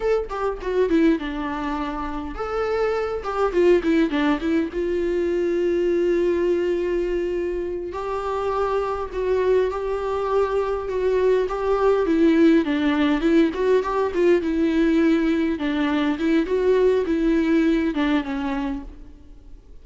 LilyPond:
\new Staff \with { instrumentName = "viola" } { \time 4/4 \tempo 4 = 102 a'8 g'8 fis'8 e'8 d'2 | a'4. g'8 f'8 e'8 d'8 e'8 | f'1~ | f'4. g'2 fis'8~ |
fis'8 g'2 fis'4 g'8~ | g'8 e'4 d'4 e'8 fis'8 g'8 | f'8 e'2 d'4 e'8 | fis'4 e'4. d'8 cis'4 | }